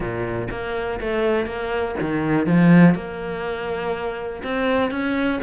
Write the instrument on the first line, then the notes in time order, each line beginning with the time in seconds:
cello
0.00 A#2
0.51 A#3
1.00 A3
1.46 A#3
2.00 D#3
2.46 F3
2.95 A#3
4.43 C4
4.90 C#4